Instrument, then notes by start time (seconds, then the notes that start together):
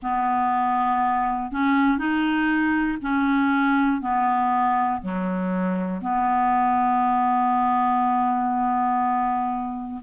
clarinet
0.02 B3
1.51 C#4
1.98 D#4
3.01 C#4
4.01 B3
5.01 F#3
6.01 B3